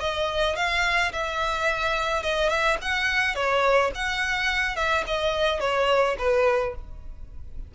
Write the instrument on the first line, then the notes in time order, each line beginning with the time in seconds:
violin
0.00 D#5
0.56 F5
1.12 E5
2.23 D#5
2.49 E5
2.82 F#5
3.35 C#5
3.95 F#5
4.76 E5
5.07 D#5
5.60 C#5
6.19 B4